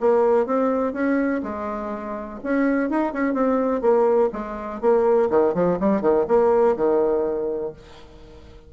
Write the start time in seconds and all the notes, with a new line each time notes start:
0.00 A#3
0.46 C4
0.93 C#4
1.43 G#3
2.43 C#4
2.90 D#4
3.13 C#4
3.34 C4
3.81 A#3
4.33 G#3
4.81 A#3
5.30 D#3
5.54 F3
5.80 G3
6.01 D#3
6.28 A#3
6.76 D#3